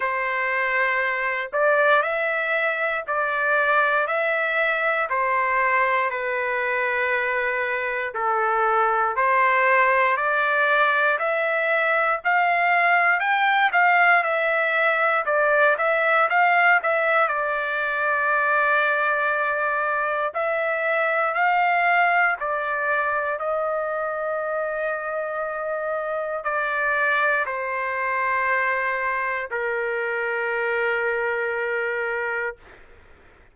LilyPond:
\new Staff \with { instrumentName = "trumpet" } { \time 4/4 \tempo 4 = 59 c''4. d''8 e''4 d''4 | e''4 c''4 b'2 | a'4 c''4 d''4 e''4 | f''4 g''8 f''8 e''4 d''8 e''8 |
f''8 e''8 d''2. | e''4 f''4 d''4 dis''4~ | dis''2 d''4 c''4~ | c''4 ais'2. | }